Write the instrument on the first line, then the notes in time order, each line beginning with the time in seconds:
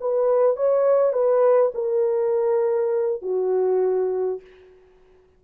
horn
0.00 B4
0.56 C#5
1.12 B4
1.74 A#4
3.22 F#4